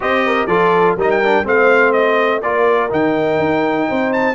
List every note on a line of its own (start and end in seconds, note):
0.00 0.47 C4
0.00 0.47 G4
0.00 0.25 C5
0.00 0.46 D#5
0.25 0.48 A#4
0.46 0.95 F3
0.46 0.97 F4
0.46 0.96 A4
0.46 0.95 D5
0.96 1.45 G3
0.96 1.23 D#4
0.96 1.44 A#4
0.96 1.10 D#5
1.10 1.46 G5
1.24 1.44 D4
1.44 2.42 A3
1.44 2.41 C4
1.44 2.43 C5
1.44 1.92 F5
1.92 2.40 D#5
2.41 2.91 A#3
2.41 2.89 F4
2.41 3.88 A#4
2.41 2.90 D5
2.89 3.39 D#3
2.89 4.34 D#4
2.89 4.12 G5
3.39 3.87 D#4
3.88 4.34 C4
3.88 4.34 C5
4.12 4.34 A5